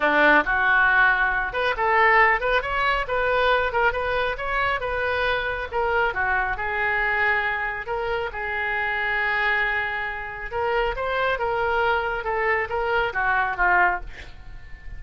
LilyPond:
\new Staff \with { instrumentName = "oboe" } { \time 4/4 \tempo 4 = 137 d'4 fis'2~ fis'8 b'8 | a'4. b'8 cis''4 b'4~ | b'8 ais'8 b'4 cis''4 b'4~ | b'4 ais'4 fis'4 gis'4~ |
gis'2 ais'4 gis'4~ | gis'1 | ais'4 c''4 ais'2 | a'4 ais'4 fis'4 f'4 | }